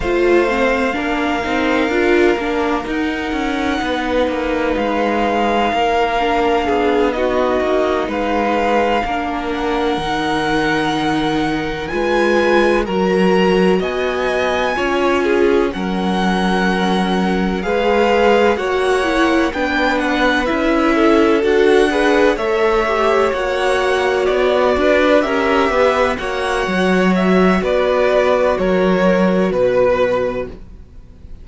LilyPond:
<<
  \new Staff \with { instrumentName = "violin" } { \time 4/4 \tempo 4 = 63 f''2. fis''4~ | fis''4 f''2~ f''8 dis''8~ | dis''8 f''4. fis''2~ | fis''8 gis''4 ais''4 gis''4.~ |
gis''8 fis''2 f''4 fis''8~ | fis''8 g''8 fis''8 e''4 fis''4 e''8~ | e''8 fis''4 d''4 e''4 fis''8~ | fis''8 e''8 d''4 cis''4 b'4 | }
  \new Staff \with { instrumentName = "violin" } { \time 4/4 c''4 ais'2. | b'2 ais'4 gis'8 fis'8~ | fis'8 b'4 ais'2~ ais'8~ | ais'8 b'4 ais'4 dis''4 cis''8 |
gis'8 ais'2 b'4 cis''8~ | cis''8 b'4. a'4 b'8 cis''8~ | cis''2 b'8 ais'8 b'8 cis''8~ | cis''4 b'4 ais'4 b'4 | }
  \new Staff \with { instrumentName = "viola" } { \time 4/4 f'8 c'8 d'8 dis'8 f'8 d'8 dis'4~ | dis'2~ dis'8 d'4 dis'8~ | dis'4. d'4 dis'4.~ | dis'8 f'4 fis'2 f'8~ |
f'8 cis'2 gis'4 fis'8 | e'8 d'4 e'4 fis'8 gis'8 a'8 | g'8 fis'2 g'4 fis'8~ | fis'1 | }
  \new Staff \with { instrumentName = "cello" } { \time 4/4 a4 ais8 c'8 d'8 ais8 dis'8 cis'8 | b8 ais8 gis4 ais4 b4 | ais8 gis4 ais4 dis4.~ | dis8 gis4 fis4 b4 cis'8~ |
cis'8 fis2 gis4 ais8~ | ais8 b4 cis'4 d'4 a8~ | a8 ais4 b8 d'8 cis'8 b8 ais8 | fis4 b4 fis4 b,4 | }
>>